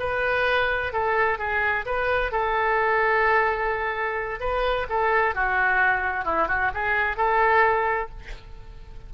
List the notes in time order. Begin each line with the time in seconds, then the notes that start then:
0.00 B4
0.93 A4
1.39 G#4
1.86 B4
2.32 A4
4.40 B4
4.89 A4
5.35 F#4
6.25 E4
6.48 F#4
6.74 G#4
7.17 A4